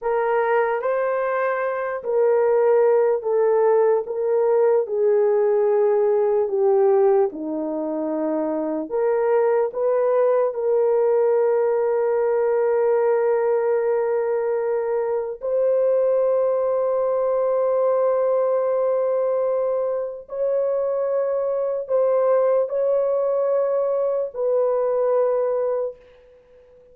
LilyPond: \new Staff \with { instrumentName = "horn" } { \time 4/4 \tempo 4 = 74 ais'4 c''4. ais'4. | a'4 ais'4 gis'2 | g'4 dis'2 ais'4 | b'4 ais'2.~ |
ais'2. c''4~ | c''1~ | c''4 cis''2 c''4 | cis''2 b'2 | }